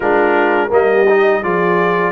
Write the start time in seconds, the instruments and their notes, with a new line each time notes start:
0.00 tuba G#3, trombone D4, horn F4, trumpet A#4
0.68 tuba G3, trombone A#3, horn A#4, trumpet D#5
0.92 horn G4
1.08 trombone D#4
1.42 tuba F3, trombone F4, horn G#4, trumpet D5